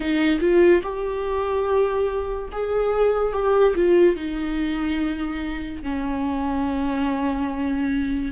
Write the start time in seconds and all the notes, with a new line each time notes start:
0.00 D#4
0.40 F4
0.82 G4
2.52 G#4
3.33 G4
3.75 F4
4.16 D#4
5.83 C#4